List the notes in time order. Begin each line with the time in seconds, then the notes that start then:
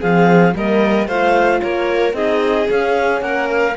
0.00 F3 C4 G#4 F5
0.55 G3 A#3 A#4 D#5
1.08 A3 F4 C5 F5
1.62 A#3 A#4 C#5
2.14 C4 D#4 G#4 D#5
2.69 C#4 F5
3.21 A#3 A#4 F#5
3.51 F5